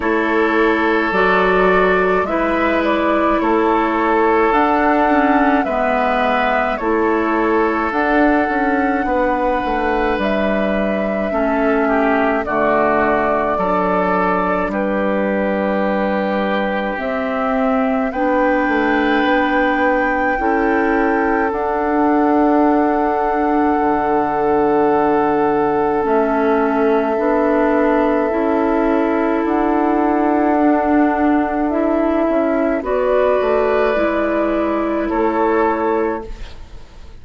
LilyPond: <<
  \new Staff \with { instrumentName = "flute" } { \time 4/4 \tempo 4 = 53 cis''4 d''4 e''8 d''8 cis''4 | fis''4 e''4 cis''4 fis''4~ | fis''4 e''2 d''4~ | d''4 b'2 e''4 |
g''2. fis''4~ | fis''2. e''4~ | e''2 fis''2 | e''4 d''2 cis''4 | }
  \new Staff \with { instrumentName = "oboe" } { \time 4/4 a'2 b'4 a'4~ | a'4 b'4 a'2 | b'2 a'8 g'8 fis'4 | a'4 g'2. |
b'2 a'2~ | a'1~ | a'1~ | a'4 b'2 a'4 | }
  \new Staff \with { instrumentName = "clarinet" } { \time 4/4 e'4 fis'4 e'2 | d'8 cis'8 b4 e'4 d'4~ | d'2 cis'4 a4 | d'2. c'4 |
d'2 e'4 d'4~ | d'2. cis'4 | d'4 e'2 d'4 | e'4 fis'4 e'2 | }
  \new Staff \with { instrumentName = "bassoon" } { \time 4/4 a4 fis4 gis4 a4 | d'4 gis4 a4 d'8 cis'8 | b8 a8 g4 a4 d4 | fis4 g2 c'4 |
b8 a8 b4 cis'4 d'4~ | d'4 d2 a4 | b4 cis'4 d'2~ | d'8 cis'8 b8 a8 gis4 a4 | }
>>